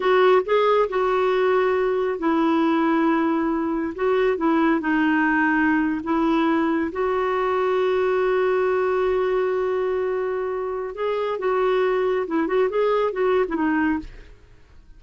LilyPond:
\new Staff \with { instrumentName = "clarinet" } { \time 4/4 \tempo 4 = 137 fis'4 gis'4 fis'2~ | fis'4 e'2.~ | e'4 fis'4 e'4 dis'4~ | dis'4.~ dis'16 e'2 fis'16~ |
fis'1~ | fis'1~ | fis'4 gis'4 fis'2 | e'8 fis'8 gis'4 fis'8. e'16 dis'4 | }